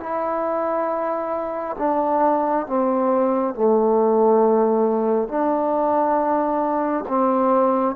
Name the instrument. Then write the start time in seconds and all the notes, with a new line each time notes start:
trombone
0.00 E4
1.79 D4
2.67 C4
3.55 A3
5.28 D4
7.08 C4